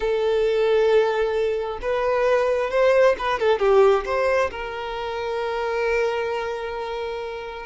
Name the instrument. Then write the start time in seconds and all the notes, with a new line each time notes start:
violin
0.00 A4
1.81 B4
2.70 C5
3.18 B4
3.39 A4
3.59 G4
4.05 C5
4.51 A#4